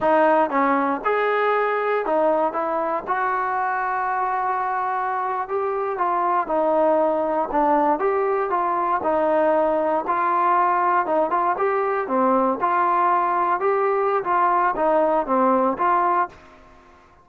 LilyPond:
\new Staff \with { instrumentName = "trombone" } { \time 4/4 \tempo 4 = 118 dis'4 cis'4 gis'2 | dis'4 e'4 fis'2~ | fis'2~ fis'8. g'4 f'16~ | f'8. dis'2 d'4 g'16~ |
g'8. f'4 dis'2 f'16~ | f'4.~ f'16 dis'8 f'8 g'4 c'16~ | c'8. f'2 g'4~ g'16 | f'4 dis'4 c'4 f'4 | }